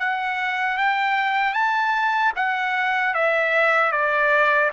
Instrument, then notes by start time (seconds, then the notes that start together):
trumpet
0.00 F#5
0.78 G5
1.54 A5
2.36 F#5
3.15 E5
3.92 D5